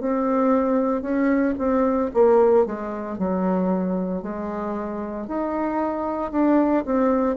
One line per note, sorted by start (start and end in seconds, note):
0.00 1.02 C4
1.02 1.55 C#4
1.58 2.11 C4
2.13 2.66 A#3
2.66 3.18 G#3
3.18 4.22 F#3
4.22 5.27 G#3
5.27 6.32 D#4
6.32 6.84 D4
6.85 7.36 C4